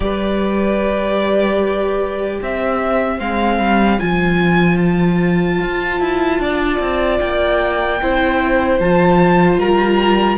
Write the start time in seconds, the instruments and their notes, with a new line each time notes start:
0.00 cello G3, viola G4, violin B4 D5
2.41 cello C4, violin C5 E5
3.18 cello G#3, viola C4, violin F5
3.59 cello G3
3.99 cello F3, viola F4, violin G#5
4.77 violin A5
5.61 cello F4
6.00 cello E4
6.39 cello D4, violin D5
6.79 cello C4
7.19 cello A#3, violin G5
8.01 cello C4, viola E4, violin C5
8.79 cello F3, viola F4, violin A5
9.57 cello G3, violin A#4 A#5